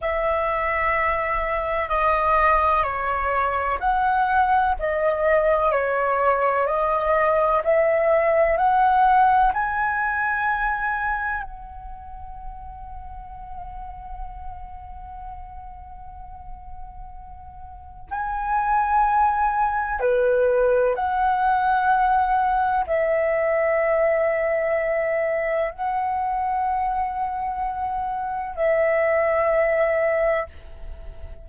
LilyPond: \new Staff \with { instrumentName = "flute" } { \time 4/4 \tempo 4 = 63 e''2 dis''4 cis''4 | fis''4 dis''4 cis''4 dis''4 | e''4 fis''4 gis''2 | fis''1~ |
fis''2. gis''4~ | gis''4 b'4 fis''2 | e''2. fis''4~ | fis''2 e''2 | }